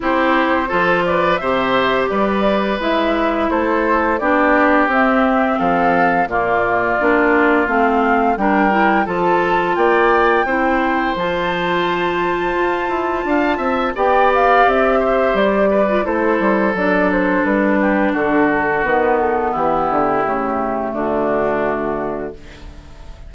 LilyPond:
<<
  \new Staff \with { instrumentName = "flute" } { \time 4/4 \tempo 4 = 86 c''4. d''8 e''4 d''4 | e''4 c''4 d''4 e''4 | f''4 d''2 f''4 | g''4 a''4 g''2 |
a''1 | g''8 f''8 e''4 d''4 c''4 | d''8 c''8 b'4 a'4 b'8 a'8 | g'2 fis'2 | }
  \new Staff \with { instrumentName = "oboe" } { \time 4/4 g'4 a'8 b'8 c''4 b'4~ | b'4 a'4 g'2 | a'4 f'2. | ais'4 a'4 d''4 c''4~ |
c''2. f''8 e''8 | d''4. c''4 b'8 a'4~ | a'4. g'8 fis'2 | e'2 d'2 | }
  \new Staff \with { instrumentName = "clarinet" } { \time 4/4 e'4 f'4 g'2 | e'2 d'4 c'4~ | c'4 ais4 d'4 c'4 | d'8 e'8 f'2 e'4 |
f'1 | g'2~ g'8. f'16 e'4 | d'2. b4~ | b4 a2. | }
  \new Staff \with { instrumentName = "bassoon" } { \time 4/4 c'4 f4 c4 g4 | gis4 a4 b4 c'4 | f4 ais,4 ais4 a4 | g4 f4 ais4 c'4 |
f2 f'8 e'8 d'8 c'8 | b4 c'4 g4 a8 g8 | fis4 g4 d4 dis4 | e8 d8 cis4 d2 | }
>>